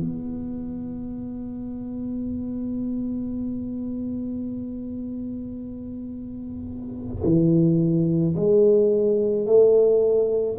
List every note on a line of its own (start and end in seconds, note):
0.00 7.22 B3
7.24 8.35 E3
8.36 9.46 G#3
9.46 10.58 A3